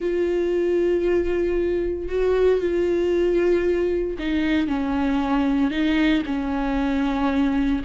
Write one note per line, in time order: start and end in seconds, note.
0.00 2.08 F4
2.08 2.60 F#4
2.60 4.17 F4
4.18 4.67 D#4
4.67 5.70 C#4
5.70 6.22 D#4
6.25 7.82 C#4